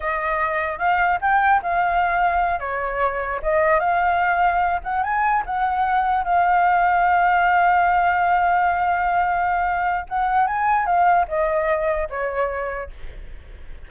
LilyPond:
\new Staff \with { instrumentName = "flute" } { \time 4/4 \tempo 4 = 149 dis''2 f''4 g''4 | f''2~ f''8 cis''4.~ | cis''8 dis''4 f''2~ f''8 | fis''8 gis''4 fis''2 f''8~ |
f''1~ | f''1~ | f''4 fis''4 gis''4 f''4 | dis''2 cis''2 | }